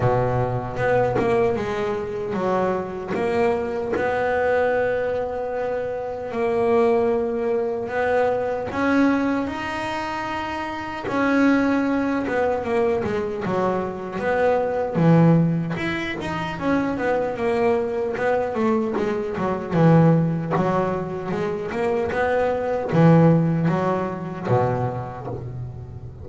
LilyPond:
\new Staff \with { instrumentName = "double bass" } { \time 4/4 \tempo 4 = 76 b,4 b8 ais8 gis4 fis4 | ais4 b2. | ais2 b4 cis'4 | dis'2 cis'4. b8 |
ais8 gis8 fis4 b4 e4 | e'8 dis'8 cis'8 b8 ais4 b8 a8 | gis8 fis8 e4 fis4 gis8 ais8 | b4 e4 fis4 b,4 | }